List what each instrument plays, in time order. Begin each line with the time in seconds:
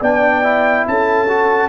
0.00 tuba B3, trombone D4, horn D5, trumpet G5
0.42 trombone E4
0.87 tuba C#4, horn A4, trumpet A5
1.28 trombone F#4